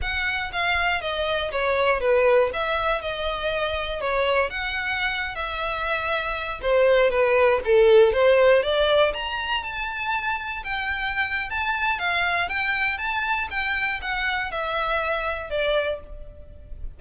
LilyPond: \new Staff \with { instrumentName = "violin" } { \time 4/4 \tempo 4 = 120 fis''4 f''4 dis''4 cis''4 | b'4 e''4 dis''2 | cis''4 fis''4.~ fis''16 e''4~ e''16~ | e''4~ e''16 c''4 b'4 a'8.~ |
a'16 c''4 d''4 ais''4 a''8.~ | a''4~ a''16 g''4.~ g''16 a''4 | f''4 g''4 a''4 g''4 | fis''4 e''2 d''4 | }